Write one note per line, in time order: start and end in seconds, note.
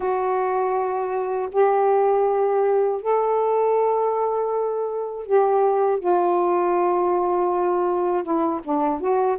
0.00 1.49 F#4
1.51 3.01 G4
3.01 5.26 A4
5.26 5.99 G4
5.99 8.23 F4
8.23 8.60 E4
8.64 9.00 D4
9.00 9.38 F#4